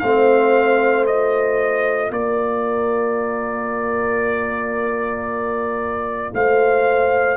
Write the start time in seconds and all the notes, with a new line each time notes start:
0.00 A3 C4 C5 F5
1.07 F4 D#5
2.11 A#3 A#4 D5
6.34 A3 C5 F5